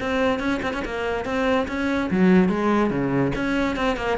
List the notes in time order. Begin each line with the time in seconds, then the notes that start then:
0.00 C4
0.39 C#4
0.63 C4
0.73 C#4
0.85 A#3
1.25 C4
1.68 C#4
2.11 F#3
2.49 G#3
2.90 C#3
3.35 C#4
3.76 C4
3.97 A#3